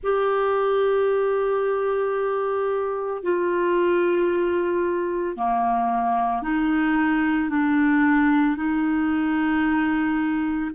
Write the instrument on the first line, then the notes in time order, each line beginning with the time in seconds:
clarinet
0.03 G4
3.22 F4
5.36 A#3
6.42 D#4
7.50 D4
8.56 D#4